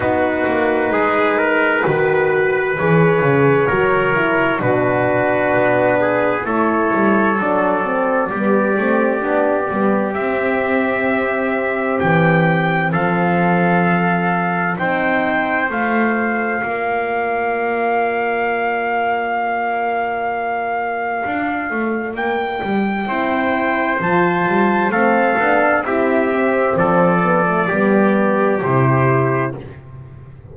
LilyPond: <<
  \new Staff \with { instrumentName = "trumpet" } { \time 4/4 \tempo 4 = 65 b'2. cis''4~ | cis''4 b'2 cis''4 | d''2. e''4~ | e''4 g''4 f''2 |
g''4 f''2.~ | f''1 | g''2 a''4 f''4 | e''4 d''2 c''4 | }
  \new Staff \with { instrumentName = "trumpet" } { \time 4/4 fis'4 gis'8 ais'8 b'2 | ais'4 fis'4. gis'8 a'4~ | a'4 g'2.~ | g'2 a'2 |
c''2 d''2~ | d''1~ | d''4 c''2 a'4 | g'4 a'4 g'2 | }
  \new Staff \with { instrumentName = "horn" } { \time 4/4 dis'2 fis'4 gis'4 | fis'8 e'8 d'2 e'4 | d'8 c'8 b8 c'8 d'8 b8 c'4~ | c'1 |
dis'4 f'2.~ | f'1~ | f'4 e'4 f'4 c'8 d'8 | e'8 c'4 b16 a16 b4 e'4 | }
  \new Staff \with { instrumentName = "double bass" } { \time 4/4 b8 ais8 gis4 dis4 e8 cis8 | fis4 b,4 b4 a8 g8 | fis4 g8 a8 b8 g8 c'4~ | c'4 e4 f2 |
c'4 a4 ais2~ | ais2. d'8 a8 | ais8 g8 c'4 f8 g8 a8 b8 | c'4 f4 g4 c4 | }
>>